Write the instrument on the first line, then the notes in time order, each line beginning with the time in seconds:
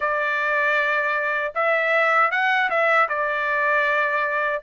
trumpet
0.00 D5
1.54 E5
2.31 F#5
2.70 E5
3.08 D5